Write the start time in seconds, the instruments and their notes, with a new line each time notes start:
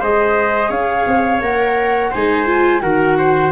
0.00 tuba G#3, viola G#4, trumpet C5, flute D#5
0.69 tuba C#4, trumpet C#5, flute F5
1.07 tuba C4
1.41 tuba A#3, viola A#4, flute F#5
2.11 tuba G#3, viola D#4, trumpet C5, flute G#5
2.46 viola F4
2.81 tuba D#3, viola F#4, trumpet A#4, flute F#5
3.18 trumpet C5